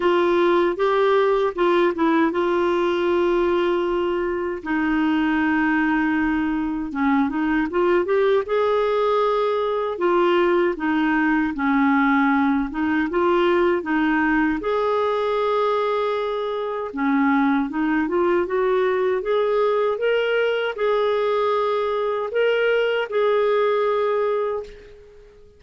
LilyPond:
\new Staff \with { instrumentName = "clarinet" } { \time 4/4 \tempo 4 = 78 f'4 g'4 f'8 e'8 f'4~ | f'2 dis'2~ | dis'4 cis'8 dis'8 f'8 g'8 gis'4~ | gis'4 f'4 dis'4 cis'4~ |
cis'8 dis'8 f'4 dis'4 gis'4~ | gis'2 cis'4 dis'8 f'8 | fis'4 gis'4 ais'4 gis'4~ | gis'4 ais'4 gis'2 | }